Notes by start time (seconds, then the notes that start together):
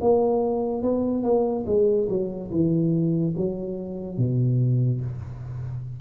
0.00 A#3
0.82 B3
1.23 A#3
1.66 G#3
2.09 F#3
2.51 E3
3.36 F#3
4.17 B2